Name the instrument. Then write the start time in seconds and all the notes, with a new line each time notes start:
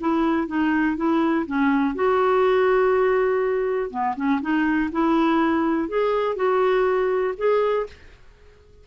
clarinet
0.00 E4
0.47 D#4
0.96 E4
1.46 C#4
1.95 F#4
3.90 B3
4.16 C#4
4.41 D#4
4.91 E4
5.88 G#4
6.35 F#4
7.37 G#4